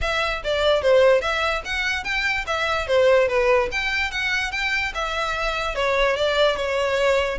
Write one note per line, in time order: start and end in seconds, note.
0.01 0.42 E5
0.44 0.82 D5
0.82 1.21 C5
1.21 1.62 E5
1.64 2.04 F#5
2.04 2.45 G5
2.46 2.87 E5
2.87 3.28 C5
3.28 3.69 B4
3.71 4.11 G5
4.11 4.51 F#5
4.51 4.92 G5
4.94 5.75 E5
5.75 6.16 C#5
6.16 6.56 D5
6.56 7.38 C#5